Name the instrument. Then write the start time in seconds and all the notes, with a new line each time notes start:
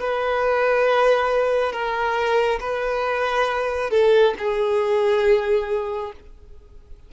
violin
0.00 B4
1.72 A#4
2.60 B4
3.90 A4
4.38 G#4